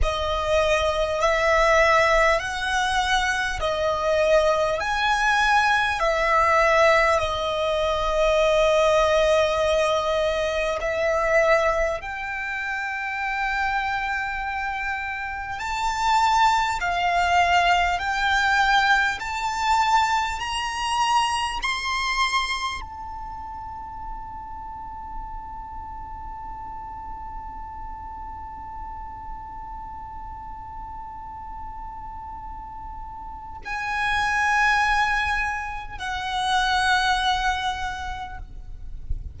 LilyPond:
\new Staff \with { instrumentName = "violin" } { \time 4/4 \tempo 4 = 50 dis''4 e''4 fis''4 dis''4 | gis''4 e''4 dis''2~ | dis''4 e''4 g''2~ | g''4 a''4 f''4 g''4 |
a''4 ais''4 c'''4 a''4~ | a''1~ | a''1 | gis''2 fis''2 | }